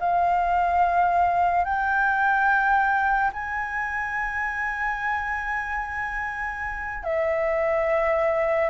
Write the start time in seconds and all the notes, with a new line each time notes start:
0.00 F5
1.65 G5
3.33 G#5
7.03 E5